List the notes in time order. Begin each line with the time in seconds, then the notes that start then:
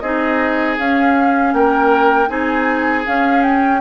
0.00 C4 D#4 G#4 D#5
0.79 C#4 F5
1.53 A#3 A#4 G5
2.28 C4 D#4 G#4 G#5
3.05 C#4 F5
3.43 G5